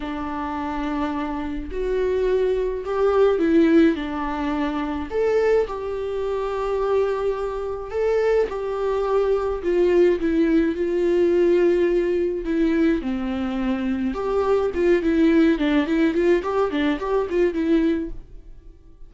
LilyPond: \new Staff \with { instrumentName = "viola" } { \time 4/4 \tempo 4 = 106 d'2. fis'4~ | fis'4 g'4 e'4 d'4~ | d'4 a'4 g'2~ | g'2 a'4 g'4~ |
g'4 f'4 e'4 f'4~ | f'2 e'4 c'4~ | c'4 g'4 f'8 e'4 d'8 | e'8 f'8 g'8 d'8 g'8 f'8 e'4 | }